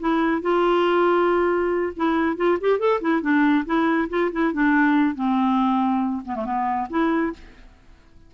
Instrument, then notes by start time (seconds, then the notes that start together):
clarinet
0.00 E4
0.42 F4
1.96 E4
2.37 F4
2.61 G4
2.79 A4
3.01 E4
3.21 D4
3.65 E4
4.09 F4
4.32 E4
4.53 D4
5.15 C4
6.25 B3
6.36 A3
6.45 B3
6.90 E4